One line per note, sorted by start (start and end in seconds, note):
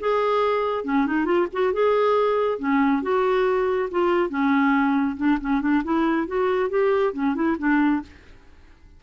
0.00 0.85 G#4
0.85 1.06 C#4
1.07 1.25 D#4
1.25 1.47 F4
1.53 1.73 F#4
1.73 2.59 G#4
2.59 3.02 C#4
3.02 3.89 F#4
3.91 4.30 F4
4.30 5.17 C#4
5.17 5.39 D4
5.41 5.61 C#4
5.61 5.83 D4
5.84 6.27 E4
6.27 6.70 F#4
6.70 7.13 G4
7.13 7.35 C#4
7.35 7.57 E4
7.58 8.02 D4